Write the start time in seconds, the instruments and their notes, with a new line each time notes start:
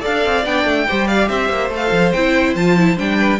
0.00 cello D4, viola A4, violin D5 F5
0.25 cello C4
0.45 cello B3, viola D4, violin G5
0.65 cello A3
0.88 cello G3, viola G4, violin C5
1.07 violin D5 F5
1.28 cello C4, violin C5 E5
1.49 cello A#3
1.70 cello A3, viola A4
1.76 violin F5
1.91 cello F3
2.12 cello C4, viola E4, violin G5
2.55 cello F3, viola F4, violin A5
2.78 viola E4
2.97 cello G3, viola D4, violin G5
3.18 violin B4